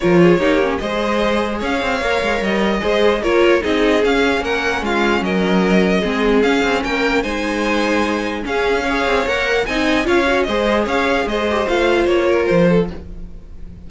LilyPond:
<<
  \new Staff \with { instrumentName = "violin" } { \time 4/4 \tempo 4 = 149 cis''2 dis''2 | f''2 dis''2 | cis''4 dis''4 f''4 fis''4 | f''4 dis''2. |
f''4 g''4 gis''2~ | gis''4 f''2 fis''4 | gis''4 f''4 dis''4 f''4 | dis''4 f''4 cis''4 c''4 | }
  \new Staff \with { instrumentName = "violin" } { \time 4/4 ais'8 gis'8 g'4 c''2 | cis''2. c''4 | ais'4 gis'2 ais'4 | f'4 ais'2 gis'4~ |
gis'4 ais'4 c''2~ | c''4 gis'4 cis''2 | dis''4 cis''4 c''4 cis''4 | c''2~ c''8 ais'4 a'8 | }
  \new Staff \with { instrumentName = "viola" } { \time 4/4 f'4 dis'8 cis'8 gis'2~ | gis'4 ais'2 gis'4 | f'4 dis'4 cis'2~ | cis'2. c'4 |
cis'2 dis'2~ | dis'4 cis'4 gis'4 ais'4 | dis'4 f'8 fis'8 gis'2~ | gis'8 g'8 f'2. | }
  \new Staff \with { instrumentName = "cello" } { \time 4/4 f4 ais4 gis2 | cis'8 c'8 ais8 gis8 g4 gis4 | ais4 c'4 cis'4 ais4 | gis4 fis2 gis4 |
cis'8 c'8 ais4 gis2~ | gis4 cis'4. c'8 ais4 | c'4 cis'4 gis4 cis'4 | gis4 a4 ais4 f4 | }
>>